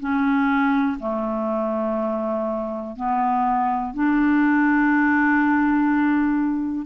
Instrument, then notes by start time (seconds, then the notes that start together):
clarinet
0.00 C#4
1.00 A3
2.96 B3
3.94 D4